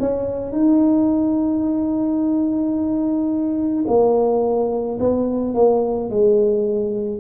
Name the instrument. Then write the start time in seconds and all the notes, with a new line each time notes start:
tuba
0.00 C#4
0.52 D#4
3.87 A#3
4.99 B3
5.54 A#3
6.10 G#3